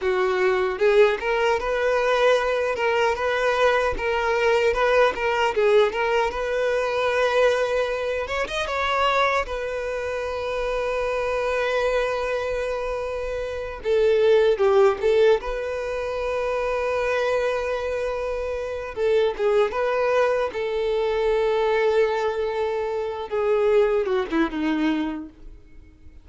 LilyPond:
\new Staff \with { instrumentName = "violin" } { \time 4/4 \tempo 4 = 76 fis'4 gis'8 ais'8 b'4. ais'8 | b'4 ais'4 b'8 ais'8 gis'8 ais'8 | b'2~ b'8 cis''16 dis''16 cis''4 | b'1~ |
b'4. a'4 g'8 a'8 b'8~ | b'1 | a'8 gis'8 b'4 a'2~ | a'4. gis'4 fis'16 e'16 dis'4 | }